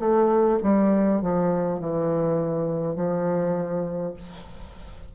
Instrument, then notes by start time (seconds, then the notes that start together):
bassoon
0.00 A3
0.63 G3
1.22 F3
1.80 E3
2.96 F3